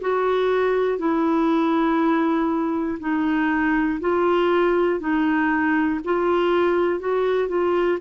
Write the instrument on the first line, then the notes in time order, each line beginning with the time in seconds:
clarinet
0.00 F#4
0.98 E4
3.00 D#4
4.00 F4
5.00 D#4
6.04 F4
6.99 F#4
7.48 F4